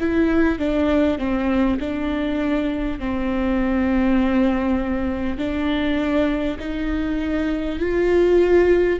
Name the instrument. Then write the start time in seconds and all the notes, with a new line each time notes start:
viola
0.00 E4
0.58 D4
1.18 C4
1.79 D4
2.99 C4
5.38 D4
6.59 D#4
7.79 F4